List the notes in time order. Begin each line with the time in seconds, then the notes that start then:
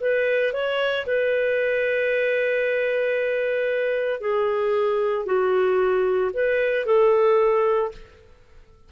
0.00 B4
0.53 C#5
1.06 B4
4.20 G#4
5.26 F#4
6.33 B4
6.86 A4